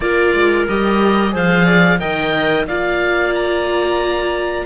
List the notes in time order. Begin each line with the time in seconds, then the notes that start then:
0.00 A#3 F4 A#4 D5
0.34 G#3
0.68 G3 G4 D#5
1.31 F3 G#4 C5 F5
1.65 D5
1.99 D#3 A#4 D#5 G5
2.67 A#3 F4 D5 F5
3.34 A#5